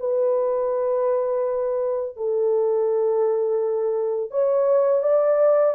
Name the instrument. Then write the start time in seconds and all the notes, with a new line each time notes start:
horn
0.00 B4
2.17 A4
4.31 C#5
5.03 D5